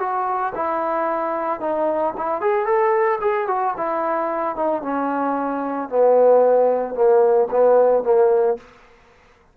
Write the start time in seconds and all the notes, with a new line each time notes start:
0.00 F#4
0.56 E4
1.60 D#4
2.17 E4
2.42 G#4
2.66 A4
3.21 G#4
3.48 F#4
3.77 E4
4.56 D#4
4.83 C#4
5.89 B3
6.95 A#3
7.51 B3
8.04 A#3